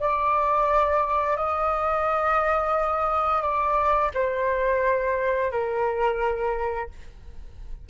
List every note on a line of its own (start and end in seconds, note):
0.00 1.37 D5
1.37 3.42 D#5
3.42 4.11 D5
4.14 5.52 C5
5.52 6.90 A#4